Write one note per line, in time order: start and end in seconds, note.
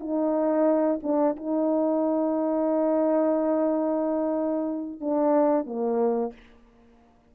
0.00 1.00 D#4
1.02 1.36 D4
1.36 5.00 D#4
5.00 5.66 D4
5.66 6.32 A#3